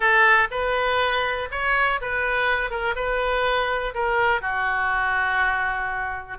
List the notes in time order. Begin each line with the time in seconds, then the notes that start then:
0.00 A4
0.50 B4
1.51 C#5
2.01 B4
2.70 A#4
2.95 B4
3.94 A#4
4.41 F#4